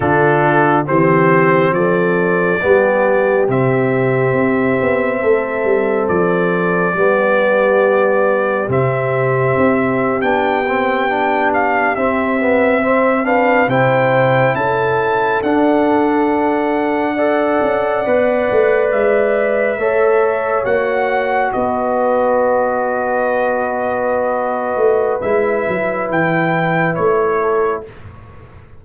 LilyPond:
<<
  \new Staff \with { instrumentName = "trumpet" } { \time 4/4 \tempo 4 = 69 a'4 c''4 d''2 | e''2. d''4~ | d''2 e''4.~ e''16 g''16~ | g''4~ g''16 f''8 e''4. f''8 g''16~ |
g''8. a''4 fis''2~ fis''16~ | fis''4.~ fis''16 e''2 fis''16~ | fis''8. dis''2.~ dis''16~ | dis''4 e''4 g''4 cis''4 | }
  \new Staff \with { instrumentName = "horn" } { \time 4/4 f'4 g'4 a'4 g'4~ | g'2 a'2 | g'1~ | g'2~ g'8. c''8 b'8 c''16~ |
c''8. a'2. d''16~ | d''2~ d''8. cis''4~ cis''16~ | cis''8. b'2.~ b'16~ | b'2.~ b'8 a'8 | }
  \new Staff \with { instrumentName = "trombone" } { \time 4/4 d'4 c'2 b4 | c'1 | b2 c'4.~ c'16 d'16~ | d'16 c'8 d'4 c'8 b8 c'8 d'8 e'16~ |
e'4.~ e'16 d'2 a'16~ | a'8. b'2 a'4 fis'16~ | fis'1~ | fis'4 e'2. | }
  \new Staff \with { instrumentName = "tuba" } { \time 4/4 d4 e4 f4 g4 | c4 c'8 b8 a8 g8 f4 | g2 c4 c'8. b16~ | b4.~ b16 c'2 c16~ |
c8. cis'4 d'2~ d'16~ | d'16 cis'8 b8 a8 gis4 a4 ais16~ | ais8. b2.~ b16~ | b8 a8 gis8 fis8 e4 a4 | }
>>